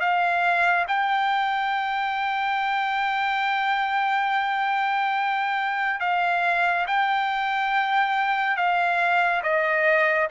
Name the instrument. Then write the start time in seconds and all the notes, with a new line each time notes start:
trumpet
0.00 F5
0.88 G5
6.00 F5
6.86 G5
8.56 F5
9.43 D#5